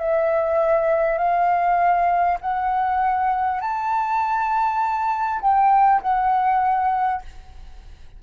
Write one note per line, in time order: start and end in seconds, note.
0.00 1.18 E5
1.18 2.38 F5
2.41 3.61 F#5
3.61 5.41 A5
5.42 6.02 G5
6.02 7.22 F#5